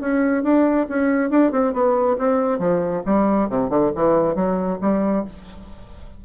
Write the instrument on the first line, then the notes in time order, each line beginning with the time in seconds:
bassoon
0.00 C#4
0.43 D4
0.89 C#4
1.30 D4
1.51 C4
1.73 B3
2.18 C4
2.58 F3
3.05 G3
3.49 C3
3.69 D3
3.95 E3
4.35 F#3
4.81 G3